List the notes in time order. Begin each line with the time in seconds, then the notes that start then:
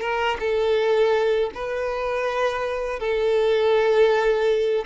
0.00 A#4
0.39 A4
1.54 B4
2.99 A4